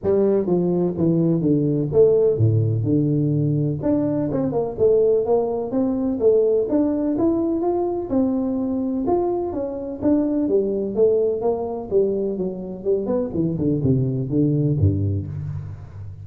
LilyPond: \new Staff \with { instrumentName = "tuba" } { \time 4/4 \tempo 4 = 126 g4 f4 e4 d4 | a4 a,4 d2 | d'4 c'8 ais8 a4 ais4 | c'4 a4 d'4 e'4 |
f'4 c'2 f'4 | cis'4 d'4 g4 a4 | ais4 g4 fis4 g8 b8 | e8 d8 c4 d4 g,4 | }